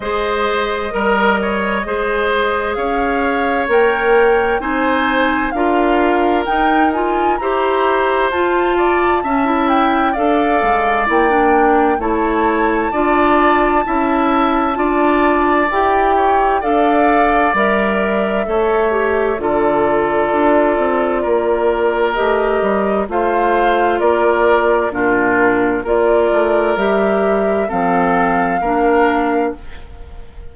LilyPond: <<
  \new Staff \with { instrumentName = "flute" } { \time 4/4 \tempo 4 = 65 dis''2. f''4 | g''4 gis''4 f''4 g''8 gis''8 | ais''4 a''4. g''8 f''4 | g''4 a''2.~ |
a''4 g''4 f''4 e''4~ | e''4 d''2. | dis''4 f''4 d''4 ais'4 | d''4 e''4 f''2 | }
  \new Staff \with { instrumentName = "oboe" } { \time 4/4 c''4 ais'8 cis''8 c''4 cis''4~ | cis''4 c''4 ais'2 | c''4. d''8 e''4 d''4~ | d''4 cis''4 d''4 e''4 |
d''4. cis''8 d''2 | cis''4 a'2 ais'4~ | ais'4 c''4 ais'4 f'4 | ais'2 a'4 ais'4 | }
  \new Staff \with { instrumentName = "clarinet" } { \time 4/4 gis'4 ais'4 gis'2 | ais'4 dis'4 f'4 dis'8 f'8 | g'4 f'4 cis'16 e'8. a'4 | e'16 d'8. e'4 f'4 e'4 |
f'4 g'4 a'4 ais'4 | a'8 g'8 f'2. | g'4 f'2 d'4 | f'4 g'4 c'4 d'4 | }
  \new Staff \with { instrumentName = "bassoon" } { \time 4/4 gis4 g4 gis4 cis'4 | ais4 c'4 d'4 dis'4 | e'4 f'4 cis'4 d'8 gis8 | ais4 a4 d'4 cis'4 |
d'4 e'4 d'4 g4 | a4 d4 d'8 c'8 ais4 | a8 g8 a4 ais4 ais,4 | ais8 a8 g4 f4 ais4 | }
>>